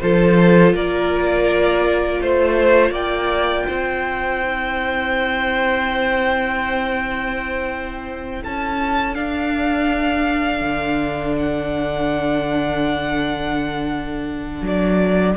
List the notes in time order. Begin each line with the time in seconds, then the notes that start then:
0.00 F3 F4 A4 C5
0.74 A#3 A#4 D5
2.21 A3 C5
2.91 A#3 D5 G5
3.67 C4 C5
4.40 E4
8.40 C#4 A4 A5
9.14 D4 F5
10.61 D3
11.37 F#5
14.61 F#3 D5